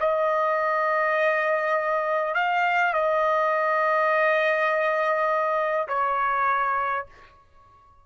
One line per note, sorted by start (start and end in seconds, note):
0.00 2.35 D#5
2.35 2.94 F5
2.94 5.88 D#5
5.88 7.06 C#5